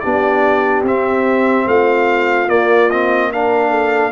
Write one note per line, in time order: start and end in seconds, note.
0.00 0.83 B3
0.00 0.86 D4
0.00 1.67 G4
0.00 0.82 D5
0.83 1.65 C4
0.83 2.49 C4
0.83 1.68 E5
1.67 2.48 A3
1.67 3.32 F4
1.67 2.49 F5
2.48 4.12 A#3
2.48 2.90 A#3
2.48 2.90 D5
2.90 3.33 C4
2.90 3.32 D#5
3.32 4.12 D4
3.32 3.70 A#4
3.32 4.12 F5
3.70 4.11 A4